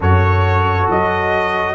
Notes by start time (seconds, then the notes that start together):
0.00 F#2 F#4 A4 C#5
0.88 F#3 D#5